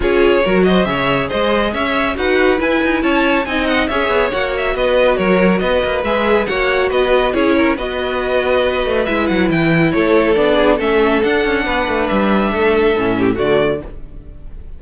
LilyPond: <<
  \new Staff \with { instrumentName = "violin" } { \time 4/4 \tempo 4 = 139 cis''4. dis''8 e''4 dis''4 | e''4 fis''4 gis''4 a''4 | gis''8 fis''8 e''4 fis''8 e''8 dis''4 | cis''4 dis''4 e''4 fis''4 |
dis''4 cis''4 dis''2~ | dis''4 e''8 fis''8 g''4 cis''4 | d''4 e''4 fis''2 | e''2. d''4 | }
  \new Staff \with { instrumentName = "violin" } { \time 4/4 gis'4 ais'8 c''8 cis''4 c''4 | cis''4 b'2 cis''4 | dis''4 cis''2 b'4 | ais'4 b'2 cis''4 |
b'4 gis'8 ais'8 b'2~ | b'2. a'4~ | a'8 gis'8 a'2 b'4~ | b'4 a'4. g'8 fis'4 | }
  \new Staff \with { instrumentName = "viola" } { \time 4/4 f'4 fis'4 gis'2~ | gis'4 fis'4 e'2 | dis'4 gis'4 fis'2~ | fis'2 gis'4 fis'4~ |
fis'4 e'4 fis'2~ | fis'4 e'2. | d'4 cis'4 d'2~ | d'2 cis'4 a4 | }
  \new Staff \with { instrumentName = "cello" } { \time 4/4 cis'4 fis4 cis4 gis4 | cis'4 dis'4 e'8 dis'8 cis'4 | c'4 cis'8 b8 ais4 b4 | fis4 b8 ais8 gis4 ais4 |
b4 cis'4 b2~ | b8 a8 gis8 fis8 e4 a4 | b4 a4 d'8 cis'8 b8 a8 | g4 a4 a,4 d4 | }
>>